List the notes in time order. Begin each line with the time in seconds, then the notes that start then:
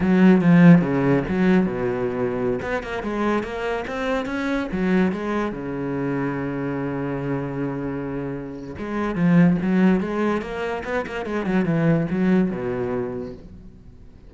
0.00 F#3
0.41 F3
0.81 C#3
1.28 F#3
1.66 B2
2.62 B3
2.82 A#3
3.02 G#3
3.43 A#3
3.87 C4
4.25 C#4
4.72 F#3
5.12 G#3
5.52 C#3
8.78 G#3
9.15 F3
9.61 F#3
10.00 G#3
10.41 A#3
10.84 B3
11.06 A#3
11.25 G#3
11.45 F#3
11.65 E3
12.10 F#3
12.50 B2